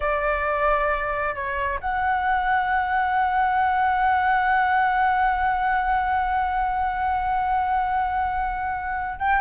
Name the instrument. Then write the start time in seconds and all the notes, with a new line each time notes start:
flute
0.00 D5
1.34 C#5
1.80 F#5
9.19 G5